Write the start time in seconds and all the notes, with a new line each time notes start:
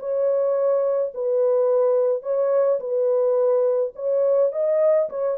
0.00 C#5
1.14 B4
2.23 C#5
2.80 B4
3.96 C#5
4.53 D#5
5.10 C#5